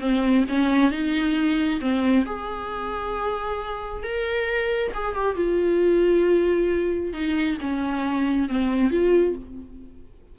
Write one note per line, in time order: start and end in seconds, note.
0.00 0.44 C4
0.48 0.91 C#4
0.91 1.80 D#4
1.80 2.25 C4
2.25 4.03 G#4
4.03 4.92 A#4
4.94 5.15 G#4
5.15 5.36 G4
5.36 7.13 F4
7.13 7.57 D#4
7.61 8.49 C#4
8.49 8.91 C4
8.91 9.35 F4